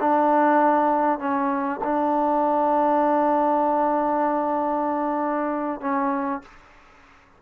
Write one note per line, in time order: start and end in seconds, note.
0.00 1.19 D4
1.19 1.80 C#4
1.84 5.81 D4
5.81 6.42 C#4